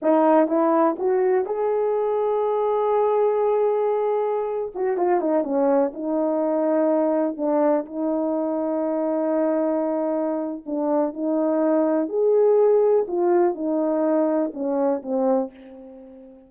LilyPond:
\new Staff \with { instrumentName = "horn" } { \time 4/4 \tempo 4 = 124 dis'4 e'4 fis'4 gis'4~ | gis'1~ | gis'4.~ gis'16 fis'8 f'8 dis'8 cis'8.~ | cis'16 dis'2. d'8.~ |
d'16 dis'2.~ dis'8.~ | dis'2 d'4 dis'4~ | dis'4 gis'2 f'4 | dis'2 cis'4 c'4 | }